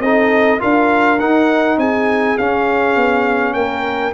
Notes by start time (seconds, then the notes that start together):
0.00 C4 D#4 A4 D#5
0.60 D4 F4 A#4 F5
1.20 D#4 F#5
1.77 C4 G#4 G#5
2.38 C#4 F5
2.96 B3
3.54 A#3 A#4 G5